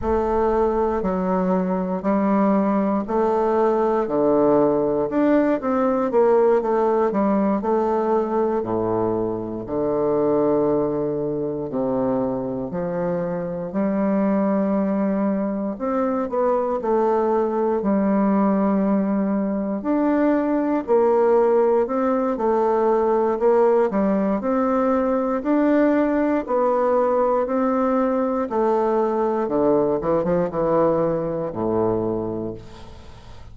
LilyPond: \new Staff \with { instrumentName = "bassoon" } { \time 4/4 \tempo 4 = 59 a4 fis4 g4 a4 | d4 d'8 c'8 ais8 a8 g8 a8~ | a8 a,4 d2 c8~ | c8 f4 g2 c'8 |
b8 a4 g2 d'8~ | d'8 ais4 c'8 a4 ais8 g8 | c'4 d'4 b4 c'4 | a4 d8 e16 f16 e4 a,4 | }